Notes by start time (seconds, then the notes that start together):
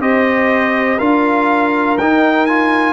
0.00 C4 G4 C5 D#5
0.98 D4 F4 A#4 F5
1.98 D#4 G5
2.47 F4 G#5